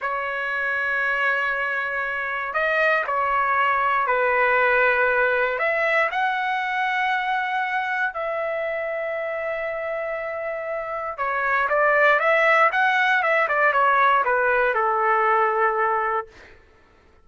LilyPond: \new Staff \with { instrumentName = "trumpet" } { \time 4/4 \tempo 4 = 118 cis''1~ | cis''4 dis''4 cis''2 | b'2. e''4 | fis''1 |
e''1~ | e''2 cis''4 d''4 | e''4 fis''4 e''8 d''8 cis''4 | b'4 a'2. | }